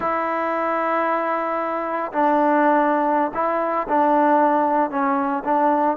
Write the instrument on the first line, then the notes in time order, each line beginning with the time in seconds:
trombone
0.00 E4
2.12 D4
3.34 E4
3.88 D4
4.90 C#4
5.44 D4